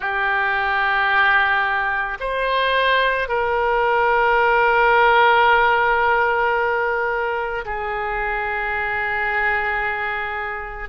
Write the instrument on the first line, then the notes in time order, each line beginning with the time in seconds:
oboe
0.00 G4
2.20 C5
3.28 A#4
7.65 G#4